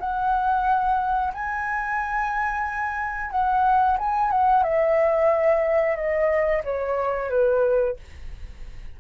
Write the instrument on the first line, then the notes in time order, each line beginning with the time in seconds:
flute
0.00 F#5
1.34 G#5
3.31 F#5
3.99 G#5
4.31 F#5
4.63 E5
5.96 D#5
6.64 C#5
7.30 B4